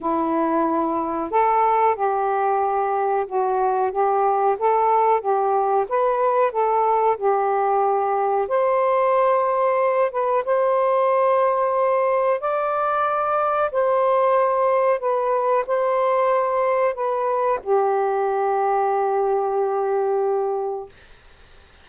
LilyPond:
\new Staff \with { instrumentName = "saxophone" } { \time 4/4 \tempo 4 = 92 e'2 a'4 g'4~ | g'4 fis'4 g'4 a'4 | g'4 b'4 a'4 g'4~ | g'4 c''2~ c''8 b'8 |
c''2. d''4~ | d''4 c''2 b'4 | c''2 b'4 g'4~ | g'1 | }